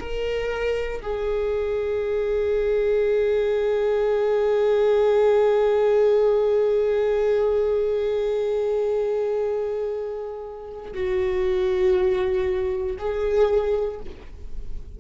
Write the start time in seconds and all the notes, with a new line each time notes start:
0.00 A#4
1.02 G#4
10.94 F#4
12.98 G#4